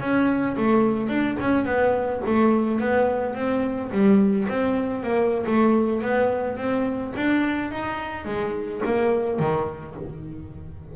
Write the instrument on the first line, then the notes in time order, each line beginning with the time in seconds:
double bass
0.00 C#4
0.57 A3
1.09 D4
1.40 C#4
1.66 B3
2.26 A3
2.80 B3
3.35 C4
3.92 G3
4.49 C4
5.04 A#3
5.46 A3
6.02 B3
6.57 C4
7.16 D4
7.72 D#4
8.26 G#3
8.85 A#3
9.40 D#3